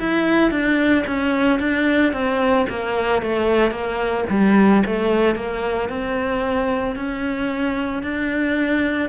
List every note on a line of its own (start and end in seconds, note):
0.00 0.52 E4
0.52 1.05 D4
1.07 1.60 C#4
1.60 2.13 D4
2.13 2.66 C4
2.70 3.22 A#3
3.22 3.72 A3
3.72 4.25 A#3
4.31 4.84 G3
4.87 5.36 A3
5.36 5.89 A#3
5.89 6.96 C4
6.96 8.03 C#4
8.03 9.10 D4